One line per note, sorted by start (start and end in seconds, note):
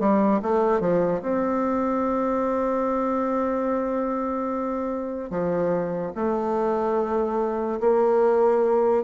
0.00 0.41 G3
0.42 0.80 A3
0.80 1.21 F3
1.22 5.31 C4
5.31 6.13 F3
6.16 7.80 A3
7.80 9.04 A#3